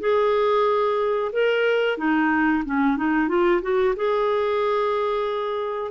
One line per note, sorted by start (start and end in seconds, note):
0.00 1.32 G#4
1.32 1.98 A#4
1.98 2.64 D#4
2.65 2.97 C#4
2.97 3.28 D#4
3.28 3.61 F4
3.62 3.95 F#4
3.96 5.91 G#4